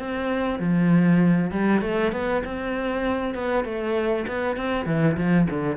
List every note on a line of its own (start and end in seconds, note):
0.00 0.60 C4
0.60 1.52 F3
1.52 1.82 G3
1.82 2.13 A3
2.13 2.43 B3
2.45 3.35 C4
3.35 3.65 B3
3.65 4.26 A3
4.28 4.57 B3
4.57 4.86 C4
4.86 5.17 E3
5.18 5.48 F3
5.50 5.77 D3